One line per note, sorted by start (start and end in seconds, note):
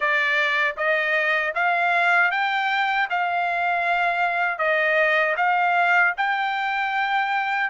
0.00 0.75 D5
0.77 1.53 D#5
1.55 2.31 F5
2.31 3.08 G5
3.10 4.58 F5
4.58 5.35 D#5
5.37 6.14 F5
6.17 7.70 G5